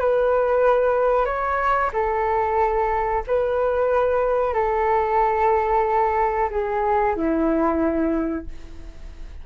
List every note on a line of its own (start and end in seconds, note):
0.00 1.26 B4
1.26 1.91 C#5
1.93 3.23 A4
3.27 4.54 B4
4.54 6.50 A4
6.50 7.16 G#4
7.16 8.47 E4